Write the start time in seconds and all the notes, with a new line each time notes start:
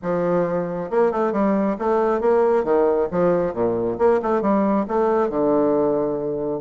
0.02 F3
0.90 A#3
1.11 A3
1.32 G3
1.79 A3
2.21 A#3
2.64 D#3
3.11 F3
3.53 A#2
3.98 A#3
4.22 A3
4.41 G3
4.87 A3
5.29 D3